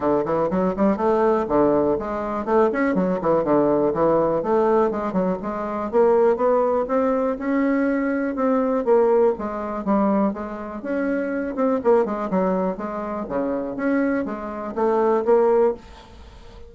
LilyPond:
\new Staff \with { instrumentName = "bassoon" } { \time 4/4 \tempo 4 = 122 d8 e8 fis8 g8 a4 d4 | gis4 a8 cis'8 fis8 e8 d4 | e4 a4 gis8 fis8 gis4 | ais4 b4 c'4 cis'4~ |
cis'4 c'4 ais4 gis4 | g4 gis4 cis'4. c'8 | ais8 gis8 fis4 gis4 cis4 | cis'4 gis4 a4 ais4 | }